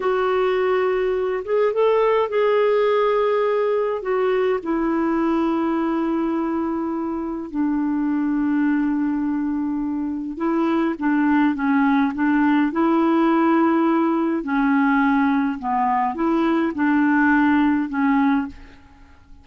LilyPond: \new Staff \with { instrumentName = "clarinet" } { \time 4/4 \tempo 4 = 104 fis'2~ fis'8 gis'8 a'4 | gis'2. fis'4 | e'1~ | e'4 d'2.~ |
d'2 e'4 d'4 | cis'4 d'4 e'2~ | e'4 cis'2 b4 | e'4 d'2 cis'4 | }